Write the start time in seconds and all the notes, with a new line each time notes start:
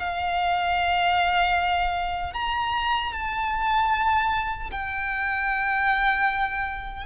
0.00 F5
2.34 A#5
3.13 A5
4.71 G5